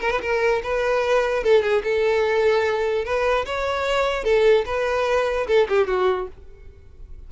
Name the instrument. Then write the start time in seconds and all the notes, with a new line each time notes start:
violin
0.00 A#4
0.10 B4
0.21 A#4
0.63 B4
1.43 A4
1.62 G#4
1.83 A4
3.04 B4
3.45 C#5
4.24 A4
4.65 B4
5.47 A4
5.68 G4
5.87 F#4